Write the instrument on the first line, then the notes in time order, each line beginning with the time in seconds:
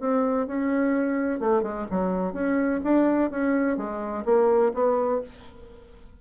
bassoon
0.00 C4
0.47 C#4
1.40 A3
1.63 G#3
1.91 F#3
2.33 C#4
2.84 D4
3.31 C#4
3.77 G#3
4.25 A#3
4.74 B3